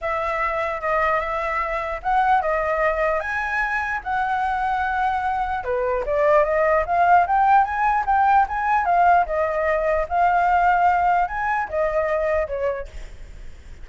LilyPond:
\new Staff \with { instrumentName = "flute" } { \time 4/4 \tempo 4 = 149 e''2 dis''4 e''4~ | e''4 fis''4 dis''2 | gis''2 fis''2~ | fis''2 b'4 d''4 |
dis''4 f''4 g''4 gis''4 | g''4 gis''4 f''4 dis''4~ | dis''4 f''2. | gis''4 dis''2 cis''4 | }